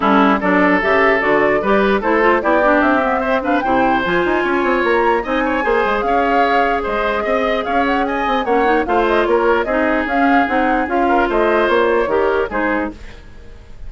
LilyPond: <<
  \new Staff \with { instrumentName = "flute" } { \time 4/4 \tempo 4 = 149 a'4 d''4 e''4 d''4~ | d''4 c''4 d''4 e''4~ | e''8 f''8 g''4 gis''2 | ais''4 gis''2 f''4~ |
f''4 dis''2 f''8 fis''8 | gis''4 fis''4 f''8 dis''8 cis''4 | dis''4 f''4 fis''4 f''4 | dis''4 cis''2 c''4 | }
  \new Staff \with { instrumentName = "oboe" } { \time 4/4 e'4 a'2. | b'4 a'4 g'2 | c''8 b'8 c''2 cis''4~ | cis''4 dis''8 cis''8 c''4 cis''4~ |
cis''4 c''4 dis''4 cis''4 | dis''4 cis''4 c''4 ais'4 | gis'2.~ gis'8 ais'8 | c''2 ais'4 gis'4 | }
  \new Staff \with { instrumentName = "clarinet" } { \time 4/4 cis'4 d'4 g'4 fis'4 | g'4 e'8 f'8 e'8 d'4 b8 | c'8 d'8 e'4 f'2~ | f'4 dis'4 gis'2~ |
gis'1~ | gis'4 cis'8 dis'8 f'2 | dis'4 cis'4 dis'4 f'4~ | f'2 g'4 dis'4 | }
  \new Staff \with { instrumentName = "bassoon" } { \time 4/4 g4 fis4 cis4 d4 | g4 a4 b4 c'4~ | c'4 c4 f8 dis'8 cis'8 c'8 | ais4 c'4 ais8 gis8 cis'4~ |
cis'4 gis4 c'4 cis'4~ | cis'8 c'8 ais4 a4 ais4 | c'4 cis'4 c'4 cis'4 | a4 ais4 dis4 gis4 | }
>>